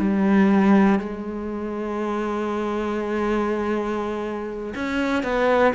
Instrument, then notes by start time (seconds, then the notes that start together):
cello
0.00 G3
1.00 G#3
4.75 C#4
5.24 B3